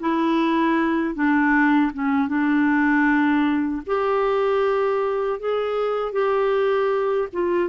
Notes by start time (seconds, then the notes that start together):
0.00 E4
1.15 D4
1.93 C#4
2.28 D4
3.87 G4
5.40 G#4
6.13 G4
7.33 F4